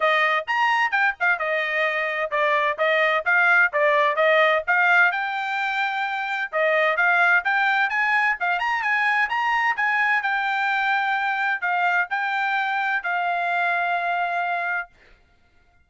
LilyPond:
\new Staff \with { instrumentName = "trumpet" } { \time 4/4 \tempo 4 = 129 dis''4 ais''4 g''8 f''8 dis''4~ | dis''4 d''4 dis''4 f''4 | d''4 dis''4 f''4 g''4~ | g''2 dis''4 f''4 |
g''4 gis''4 f''8 ais''8 gis''4 | ais''4 gis''4 g''2~ | g''4 f''4 g''2 | f''1 | }